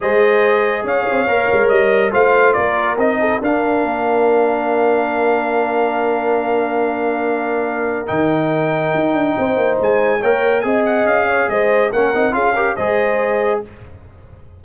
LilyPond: <<
  \new Staff \with { instrumentName = "trumpet" } { \time 4/4 \tempo 4 = 141 dis''2 f''2 | dis''4 f''4 d''4 dis''4 | f''1~ | f''1~ |
f''2. g''4~ | g''2. gis''4 | g''4 gis''8 fis''8 f''4 dis''4 | fis''4 f''4 dis''2 | }
  \new Staff \with { instrumentName = "horn" } { \time 4/4 c''2 cis''2~ | cis''4 c''4 ais'4. a'8 | ais'1~ | ais'1~ |
ais'1~ | ais'2 c''2 | cis''4 dis''4. cis''8 c''4 | ais'4 gis'8 ais'8 c''2 | }
  \new Staff \with { instrumentName = "trombone" } { \time 4/4 gis'2. ais'4~ | ais'4 f'2 dis'4 | d'1~ | d'1~ |
d'2. dis'4~ | dis'1 | ais'4 gis'2. | cis'8 dis'8 f'8 g'8 gis'2 | }
  \new Staff \with { instrumentName = "tuba" } { \time 4/4 gis2 cis'8 c'8 ais8 gis8 | g4 a4 ais4 c'4 | d'4 ais2.~ | ais1~ |
ais2. dis4~ | dis4 dis'8 d'8 c'8 ais8 gis4 | ais4 c'4 cis'4 gis4 | ais8 c'8 cis'4 gis2 | }
>>